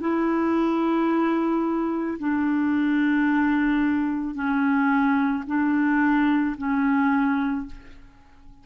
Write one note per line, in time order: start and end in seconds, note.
0.00 2.18 E4
2.19 4.34 D4
4.34 5.43 C#4
5.46 6.56 D4
6.57 7.66 C#4